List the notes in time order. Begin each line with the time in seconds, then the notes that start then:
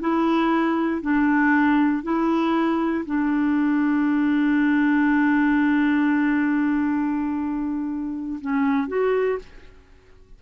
0.00 E4
1.01 D4
2.03 E4
3.05 D4
8.41 C#4
8.88 F#4